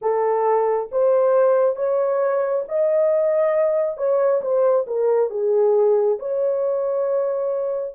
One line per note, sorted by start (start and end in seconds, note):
0.01 0.89 A4
0.91 1.76 C5
1.76 2.64 C#5
2.68 3.97 D#5
3.97 4.41 C#5
4.41 4.85 C5
4.86 5.30 A#4
5.30 6.18 G#4
6.19 7.95 C#5